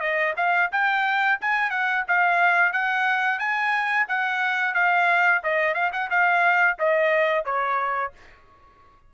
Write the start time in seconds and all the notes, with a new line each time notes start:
0.00 D#5
0.36 F5
0.72 G5
1.41 G#5
1.70 F#5
2.08 F5
2.72 F#5
3.39 G#5
4.08 F#5
4.74 F5
5.43 D#5
5.74 F5
5.93 F#5
6.10 F5
6.79 D#5
7.45 C#5